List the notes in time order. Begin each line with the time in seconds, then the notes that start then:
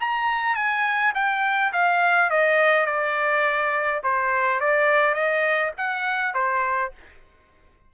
0.00 A#5
0.55 G#5
1.14 G5
1.72 F5
2.30 D#5
2.86 D5
4.03 C5
4.60 D5
5.14 D#5
5.77 F#5
6.34 C5